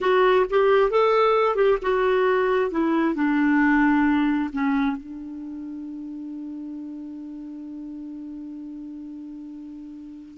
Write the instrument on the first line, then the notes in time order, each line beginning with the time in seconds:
clarinet
0.01 F#4
0.50 G4
0.90 A4
1.55 G4
1.81 F#4
2.70 E4
3.15 D4
4.52 C#4
4.96 D4